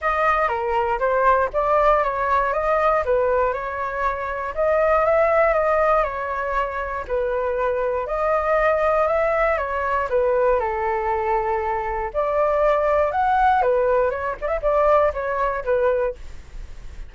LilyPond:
\new Staff \with { instrumentName = "flute" } { \time 4/4 \tempo 4 = 119 dis''4 ais'4 c''4 d''4 | cis''4 dis''4 b'4 cis''4~ | cis''4 dis''4 e''4 dis''4 | cis''2 b'2 |
dis''2 e''4 cis''4 | b'4 a'2. | d''2 fis''4 b'4 | cis''8 d''16 e''16 d''4 cis''4 b'4 | }